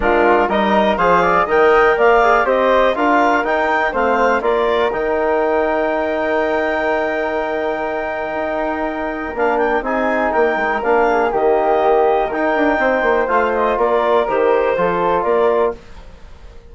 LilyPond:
<<
  \new Staff \with { instrumentName = "clarinet" } { \time 4/4 \tempo 4 = 122 ais'4 dis''4 f''4 g''4 | f''4 dis''4 f''4 g''4 | f''4 d''4 g''2~ | g''1~ |
g''2. f''8 g''8 | gis''4 g''4 f''4 dis''4~ | dis''4 g''2 f''8 dis''8 | d''4 c''2 d''4 | }
  \new Staff \with { instrumentName = "flute" } { \time 4/4 f'4 ais'4 c''8 d''8 dis''4 | d''4 c''4 ais'2 | c''4 ais'2.~ | ais'1~ |
ais'1 | gis'4 ais'4. gis'8 g'4~ | g'4 ais'4 c''2 | ais'2 a'4 ais'4 | }
  \new Staff \with { instrumentName = "trombone" } { \time 4/4 d'4 dis'4 gis'4 ais'4~ | ais'8 gis'8 g'4 f'4 dis'4 | c'4 f'4 dis'2~ | dis'1~ |
dis'2. d'4 | dis'2 d'4 ais4~ | ais4 dis'2 f'4~ | f'4 g'4 f'2 | }
  \new Staff \with { instrumentName = "bassoon" } { \time 4/4 gis4 g4 f4 dis4 | ais4 c'4 d'4 dis'4 | a4 ais4 dis2~ | dis1~ |
dis4 dis'2 ais4 | c'4 ais8 gis8 ais4 dis4~ | dis4 dis'8 d'8 c'8 ais8 a4 | ais4 dis4 f4 ais4 | }
>>